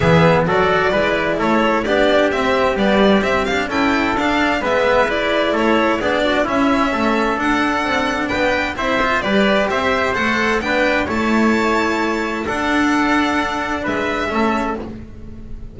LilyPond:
<<
  \new Staff \with { instrumentName = "violin" } { \time 4/4 \tempo 4 = 130 e''4 d''2 cis''4 | d''4 e''4 d''4 e''8 f''8 | g''4 f''4 e''4 d''4 | cis''4 d''4 e''2 |
fis''2 g''4 e''4 | d''4 e''4 fis''4 g''4 | a''2. fis''4~ | fis''2 e''2 | }
  \new Staff \with { instrumentName = "trumpet" } { \time 4/4 gis'4 a'4 b'4 a'4 | g'1 | a'2 b'2 | a'4 gis'8 fis'8 e'4 a'4~ |
a'2 b'4 c''4 | b'4 c''2 b'4 | cis''2. a'4~ | a'2 b'4 a'4 | }
  \new Staff \with { instrumentName = "cello" } { \time 4/4 b4 fis'4 e'2 | d'4 c'4 g4 c'8 d'8 | e'4 d'4 b4 e'4~ | e'4 d'4 cis'2 |
d'2. e'8 f'8 | g'2 a'4 d'4 | e'2. d'4~ | d'2. cis'4 | }
  \new Staff \with { instrumentName = "double bass" } { \time 4/4 e4 fis4 gis4 a4 | b4 c'4 b4 c'4 | cis'4 d'4 gis2 | a4 b4 cis'4 a4 |
d'4 c'4 b4 c'4 | g4 c'4 a4 b4 | a2. d'4~ | d'2 gis4 a4 | }
>>